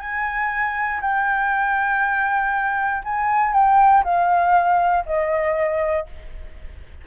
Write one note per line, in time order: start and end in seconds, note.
0.00 1.01 G#5
1.02 3.03 G5
3.04 3.54 G#5
3.54 4.04 G5
4.04 5.05 F5
5.06 6.07 D#5